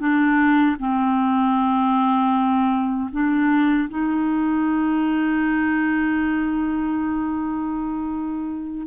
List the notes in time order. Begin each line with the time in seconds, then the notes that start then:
0.00 D4
0.80 C4
3.12 D4
3.90 D#4